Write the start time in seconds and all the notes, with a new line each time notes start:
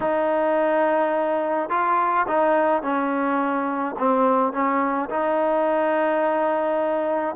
0.00 D#4
1.69 F4
2.27 D#4
2.82 C#4
3.98 C4
4.52 C#4
5.09 D#4